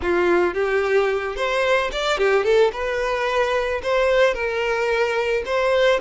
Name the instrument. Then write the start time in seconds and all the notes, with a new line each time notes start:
violin
0.02 F4
0.54 G4
1.36 C5
1.91 D5
2.17 G4
2.44 A4
2.72 B4
3.82 C5
4.34 A#4
5.45 C5